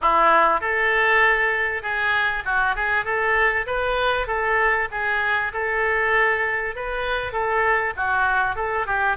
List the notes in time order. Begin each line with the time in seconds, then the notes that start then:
0.01 E4
0.60 A4
1.82 G#4
2.45 F#4
2.76 G#4
3.04 A4
3.66 B4
4.27 A4
4.91 G#4
5.53 A4
6.75 B4
7.32 A4
7.96 F#4
8.55 A4
8.86 G4